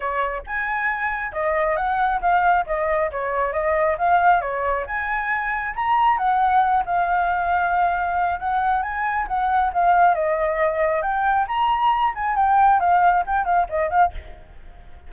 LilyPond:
\new Staff \with { instrumentName = "flute" } { \time 4/4 \tempo 4 = 136 cis''4 gis''2 dis''4 | fis''4 f''4 dis''4 cis''4 | dis''4 f''4 cis''4 gis''4~ | gis''4 ais''4 fis''4. f''8~ |
f''2. fis''4 | gis''4 fis''4 f''4 dis''4~ | dis''4 g''4 ais''4. gis''8 | g''4 f''4 g''8 f''8 dis''8 f''8 | }